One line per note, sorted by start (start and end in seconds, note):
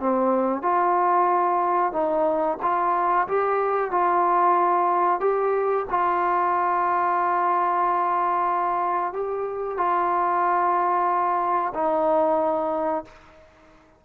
0.00 0.63 C4
0.63 1.93 F4
1.93 2.58 D#4
2.63 3.28 F4
3.28 3.92 G4
3.92 5.21 F4
5.21 5.86 G4
5.90 9.13 F4
9.13 9.78 G4
9.78 11.73 F4
11.74 13.05 D#4